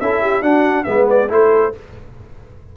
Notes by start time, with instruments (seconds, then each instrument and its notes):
0.00 tuba C#4, trombone E4, horn A4, trumpet E5
0.22 horn G4
0.42 tuba D4, trombone D4, horn F#4, trumpet F#5
0.83 tuba G#3, trombone B3, horn B4, trumpet E5
1.10 trumpet D5
1.29 tuba A3, trombone E4, horn A4, trumpet C5